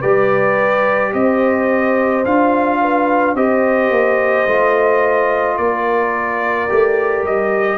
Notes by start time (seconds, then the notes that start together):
0.00 G3 G4 B4 D5
1.13 C4 C5 D#5
2.25 D4 F4 F5
2.81 B4
3.35 C4 G4 C5 D#5
3.91 A#3
4.47 A3 F4
5.58 A#3 A#4 D5
6.69 A3 G4
7.24 G3 D#5